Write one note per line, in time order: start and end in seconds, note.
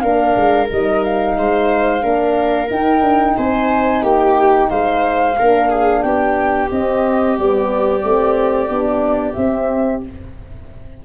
0.00 0.36 A#3
0.00 0.68 D4
0.00 1.37 A#4
0.00 0.67 F5
0.36 0.70 G#3
0.68 1.37 G3
0.68 2.01 D#4
0.68 1.03 D#5
1.03 2.70 F5
1.37 2.03 G#3
1.37 2.03 C5
2.01 2.69 A#3
2.01 2.68 D4
2.01 3.36 A#4
2.70 3.02 D#4
2.70 5.37 D#4
2.70 3.37 G5
3.02 3.35 D4
3.37 4.02 C4
3.37 4.02 C5
3.37 4.03 G#5
4.02 4.69 A#3
4.02 4.69 G4
4.02 4.70 G5
4.70 5.38 G#3
4.70 5.37 C5
4.70 6.02 F5
5.38 6.03 A#3
5.38 6.70 D4
5.38 5.70 A#4
5.70 6.03 G#4
6.02 6.70 B3
6.02 10.05 G4
6.02 6.69 G5
6.70 7.37 C4
6.70 7.38 C4
6.70 7.38 D#5
7.37 8.04 G3
7.37 8.02 B3
7.37 9.33 D5
8.02 8.69 A3
8.02 8.68 C4
8.68 9.36 B3
8.68 9.35 D4
9.33 10.03 C4
9.33 10.04 C4
9.33 10.00 E5